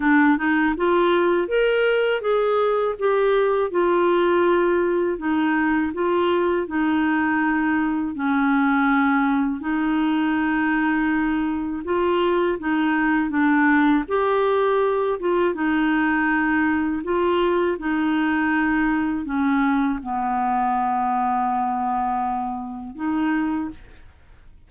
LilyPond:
\new Staff \with { instrumentName = "clarinet" } { \time 4/4 \tempo 4 = 81 d'8 dis'8 f'4 ais'4 gis'4 | g'4 f'2 dis'4 | f'4 dis'2 cis'4~ | cis'4 dis'2. |
f'4 dis'4 d'4 g'4~ | g'8 f'8 dis'2 f'4 | dis'2 cis'4 b4~ | b2. dis'4 | }